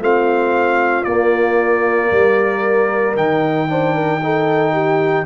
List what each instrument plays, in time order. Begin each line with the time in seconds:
0.00 tuba A3, trombone C4, horn F4, trumpet F5
1.04 tuba A#3, trombone A#3, trumpet D5
2.10 tuba G3, horn A#4
3.16 tuba D#3, trombone D#4, trumpet G5
3.68 trombone D4, horn C5
3.95 horn A#4
4.23 trombone D#4, horn A4
4.73 horn G4